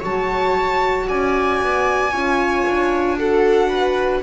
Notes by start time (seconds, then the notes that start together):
0.00 F#3 F#4 C#5 A5
1.07 C#4 D5 G#5
1.62 B3
2.11 C#4 F4 C#5
2.67 D4
3.18 F#4 A4 F#5
3.68 B4